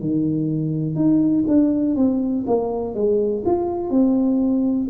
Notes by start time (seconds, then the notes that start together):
0.00 D#3
0.95 D#4
1.48 D4
1.95 C4
2.47 A#3
2.94 G#3
3.45 F4
3.90 C4